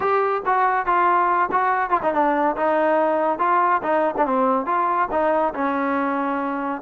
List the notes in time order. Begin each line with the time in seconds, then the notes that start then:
0.00 G4
0.45 F#4
0.85 F4
1.51 F#4
1.89 F4
2.02 D#4
2.13 D4
2.56 D#4
3.38 F4
3.82 D#4
4.17 D4
4.26 C4
4.66 F4
5.11 D#4
5.53 C#4